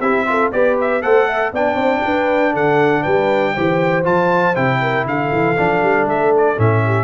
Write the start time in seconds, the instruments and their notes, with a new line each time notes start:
0.00 tuba C4, trombone E4, horn G4, trumpet E5
0.27 trombone F4, horn A4
0.52 tuba B3, trombone G4, horn B4, trumpet D5
0.81 trumpet E5
1.02 tuba A3, trombone A4, horn C5, trumpet F#5
1.27 horn E5
1.52 tuba B3, trombone D4, horn D5, trumpet G5
1.75 tuba C4, horn C5
2.04 tuba D4, horn B4
2.53 tuba D3, horn A4, trumpet F#5
3.02 tuba G3, horn B4, trumpet G5
3.54 tuba E3, trombone G4, horn C5
4.04 tuba F3, trombone F4, trumpet A5
4.55 tuba C3, trombone E4, trumpet G5
4.81 horn A#4
5.05 tuba D3, horn A4, trumpet F5
5.32 tuba E3
5.57 tuba F3, trombone D4
5.82 tuba G3
6.05 tuba A3, trumpet E5
6.37 trumpet D5
6.56 tuba A2, trombone C#4, trumpet E5
6.85 horn G4